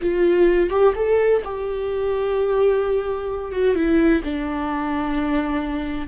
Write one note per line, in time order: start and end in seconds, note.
0.01 0.70 F4
0.70 0.93 G4
0.95 1.42 A4
1.44 3.52 G4
3.52 3.75 F#4
3.75 4.22 E4
4.23 6.07 D4